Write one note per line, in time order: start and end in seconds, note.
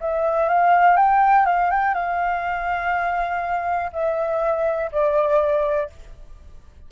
0.00 0.49 E5
0.49 0.97 F5
0.97 1.46 G5
1.46 1.70 F5
1.71 1.94 G5
1.94 3.91 F5
3.92 4.90 E5
4.91 5.90 D5